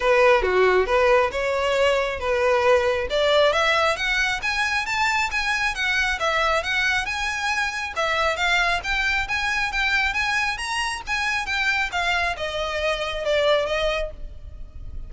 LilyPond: \new Staff \with { instrumentName = "violin" } { \time 4/4 \tempo 4 = 136 b'4 fis'4 b'4 cis''4~ | cis''4 b'2 d''4 | e''4 fis''4 gis''4 a''4 | gis''4 fis''4 e''4 fis''4 |
gis''2 e''4 f''4 | g''4 gis''4 g''4 gis''4 | ais''4 gis''4 g''4 f''4 | dis''2 d''4 dis''4 | }